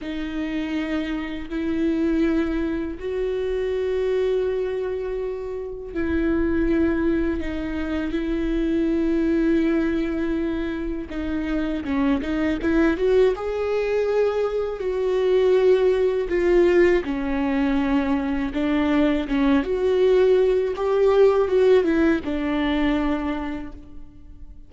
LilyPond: \new Staff \with { instrumentName = "viola" } { \time 4/4 \tempo 4 = 81 dis'2 e'2 | fis'1 | e'2 dis'4 e'4~ | e'2. dis'4 |
cis'8 dis'8 e'8 fis'8 gis'2 | fis'2 f'4 cis'4~ | cis'4 d'4 cis'8 fis'4. | g'4 fis'8 e'8 d'2 | }